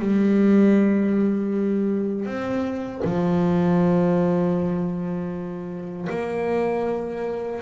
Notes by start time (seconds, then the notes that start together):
0.00 G3
2.26 C4
3.05 F3
6.10 A#3